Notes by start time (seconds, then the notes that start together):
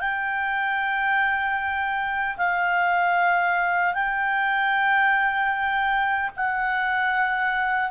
0.00 G5
2.37 F5
3.94 G5
6.37 F#5